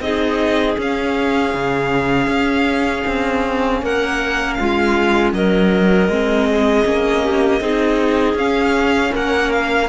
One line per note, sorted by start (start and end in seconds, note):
0.00 0.76 C4
0.00 0.78 D#4
0.00 3.82 G#4
0.00 0.77 D#5
0.78 1.54 C#4
0.78 6.10 C#4
0.78 3.84 F5
1.54 2.27 C#3
2.27 3.03 C#4
3.07 3.82 C4
3.82 4.58 A#3
3.82 4.58 A#4
3.82 4.54 F#5
4.54 5.34 F4
4.54 5.30 F5
4.60 5.33 G#3
5.33 6.09 F#3
5.33 6.48 A#4
5.33 8.37 D#5
6.09 6.84 G#3
6.09 6.84 C4
6.49 7.23 G#4
6.84 7.60 A#3
6.84 7.60 C#4
7.23 7.60 G4
7.60 8.34 C4
7.60 8.37 D#4
7.60 9.12 G#4
8.34 9.10 C#4
8.34 9.88 C#4
8.34 9.13 F5
9.12 9.89 A#3
9.12 9.88 A#4
9.12 9.52 F#5
9.52 9.89 F5